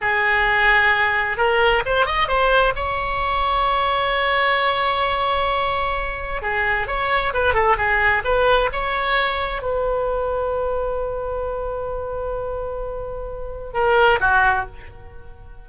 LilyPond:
\new Staff \with { instrumentName = "oboe" } { \time 4/4 \tempo 4 = 131 gis'2. ais'4 | c''8 dis''8 c''4 cis''2~ | cis''1~ | cis''2 gis'4 cis''4 |
b'8 a'8 gis'4 b'4 cis''4~ | cis''4 b'2.~ | b'1~ | b'2 ais'4 fis'4 | }